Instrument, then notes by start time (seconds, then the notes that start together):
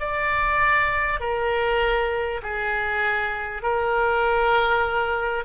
oboe
0.00 D5
1.20 A#4
2.42 G#4
3.63 A#4